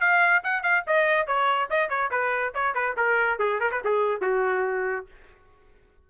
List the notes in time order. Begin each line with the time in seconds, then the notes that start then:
0.00 F5
0.44 F#5
0.63 F5
0.87 D#5
1.27 C#5
1.70 D#5
1.89 C#5
2.11 B4
2.54 C#5
2.74 B4
2.97 A#4
3.39 G#4
3.60 A#4
3.71 B4
3.84 G#4
4.21 F#4